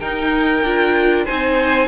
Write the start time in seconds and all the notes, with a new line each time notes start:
0.00 D#4 A#4 G5
0.62 D4 F4
1.25 C4 D#4 C5 G#5